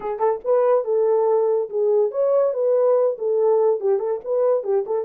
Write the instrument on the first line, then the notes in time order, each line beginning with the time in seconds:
horn
0.00 G#4
0.19 A4
0.44 B4
0.84 A4
1.69 G#4
2.11 C#5
2.53 B4
3.18 A4
3.80 G4
3.99 A4
4.24 B4
4.63 G4
4.86 A4